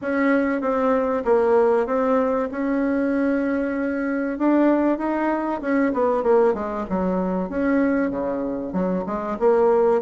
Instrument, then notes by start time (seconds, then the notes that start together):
bassoon
0.01 C#4
0.61 C4
1.24 A#3
1.86 C4
2.51 C#4
4.38 D4
4.98 D#4
5.61 C#4
5.93 B3
6.23 A#3
6.54 G#3
6.89 F#3
7.49 C#4
8.10 C#3
8.72 F#3
9.06 G#3
9.39 A#3